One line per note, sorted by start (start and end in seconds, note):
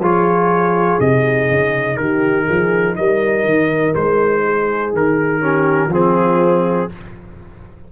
0.00 0.98 F3
0.00 1.01 F4
0.00 1.98 G#4
0.00 1.00 C#5
1.00 1.50 C3
1.00 5.41 D#4
1.00 1.97 D#5
1.51 1.99 C#3
1.97 2.49 D#3
1.97 2.45 G4
1.97 2.96 A#4
2.45 2.99 F3
2.45 2.95 G#4
2.97 3.45 G3
2.97 4.44 A#4
2.97 3.95 D#5
3.45 3.94 D#3
3.95 4.94 G#3
3.95 4.94 C5
4.44 5.42 G#4
4.94 5.88 D#3
4.94 5.94 A#4
5.41 5.90 C#4
5.41 5.91 G4
5.88 6.86 F3
5.88 6.90 C4
5.88 6.89 F4
5.94 6.92 G#4